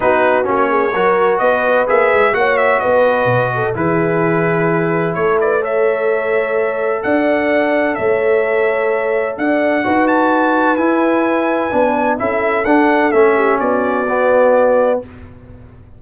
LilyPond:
<<
  \new Staff \with { instrumentName = "trumpet" } { \time 4/4 \tempo 4 = 128 b'4 cis''2 dis''4 | e''4 fis''8 e''8 dis''2 | b'2. cis''8 d''8 | e''2. fis''4~ |
fis''4 e''2. | fis''4. a''4. gis''4~ | gis''2 e''4 fis''4 | e''4 d''2. | }
  \new Staff \with { instrumentName = "horn" } { \time 4/4 fis'4. gis'8 ais'4 b'4~ | b'4 cis''4 b'4. a'8 | gis'2. a'8 b'8 | cis''2. d''4~ |
d''4 cis''2. | d''4 b'2.~ | b'2 a'2~ | a'8 g'8 fis'2. | }
  \new Staff \with { instrumentName = "trombone" } { \time 4/4 dis'4 cis'4 fis'2 | gis'4 fis'2. | e'1 | a'1~ |
a'1~ | a'4 fis'2 e'4~ | e'4 d'4 e'4 d'4 | cis'2 b2 | }
  \new Staff \with { instrumentName = "tuba" } { \time 4/4 b4 ais4 fis4 b4 | ais8 gis8 ais4 b4 b,4 | e2. a4~ | a2. d'4~ |
d'4 a2. | d'4 dis'2 e'4~ | e'4 b4 cis'4 d'4 | a4 b2. | }
>>